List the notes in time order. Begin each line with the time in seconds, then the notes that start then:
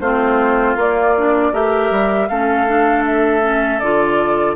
0.00 A3 C4 F4 C5
0.76 A#3 D5
1.17 D4
1.52 A3 G4 A#4 E5
1.90 G3
2.27 A3 C#4 A4 F5
2.68 D4
3.05 E5
3.42 C#4
3.79 D3 F4 D5